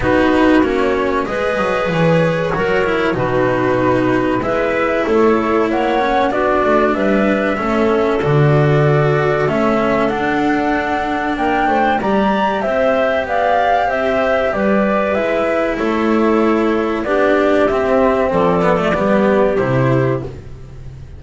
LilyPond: <<
  \new Staff \with { instrumentName = "flute" } { \time 4/4 \tempo 4 = 95 b'4 cis''4 dis''4 cis''4~ | cis''4 b'2 e''4 | cis''4 fis''4 d''4 e''4~ | e''4 d''2 e''4 |
fis''2 g''4 ais''4 | e''4 f''4 e''4 d''4 | e''4 cis''2 d''4 | e''4 d''2 c''4 | }
  \new Staff \with { instrumentName = "clarinet" } { \time 4/4 fis'2 b'2 | ais'4 fis'2 b'4 | a'4 cis''4 fis'4 b'4 | a'1~ |
a'2 ais'8 c''8 d''4 | c''4 d''4 c''4 b'4~ | b'4 a'2 g'4~ | g'4 a'4 g'2 | }
  \new Staff \with { instrumentName = "cello" } { \time 4/4 dis'4 cis'4 gis'2 | fis'8 e'8 dis'2 e'4~ | e'4. cis'8 d'2 | cis'4 fis'2 cis'4 |
d'2. g'4~ | g'1 | e'2. d'4 | c'4. b16 a16 b4 e'4 | }
  \new Staff \with { instrumentName = "double bass" } { \time 4/4 b4 ais4 gis8 fis8 e4 | fis4 b,2 gis4 | a4 ais4 b8 a8 g4 | a4 d2 a4 |
d'2 ais8 a8 g4 | c'4 b4 c'4 g4 | gis4 a2 b4 | c'4 f4 g4 c4 | }
>>